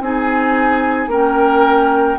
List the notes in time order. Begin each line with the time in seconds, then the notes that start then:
0.00 C4 D#4 G#4 G#5
1.07 A#3 C#4 A#4 G5